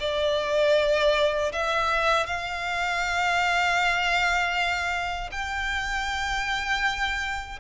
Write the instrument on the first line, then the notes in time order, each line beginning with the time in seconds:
violin
0.00 D5
1.53 E5
2.26 F5
5.31 G5